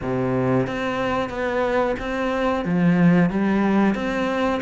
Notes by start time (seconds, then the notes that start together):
0.02 C3
0.67 C4
1.29 B3
1.99 C4
2.65 F3
3.30 G3
3.94 C4